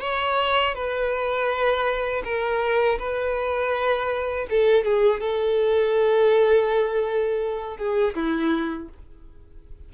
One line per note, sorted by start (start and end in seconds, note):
0.00 0.74 C#5
0.74 2.23 B4
2.24 2.98 A#4
2.98 4.46 B4
4.50 4.84 A4
4.84 5.20 G#4
5.20 7.77 A4
7.77 8.14 G#4
8.14 8.89 E4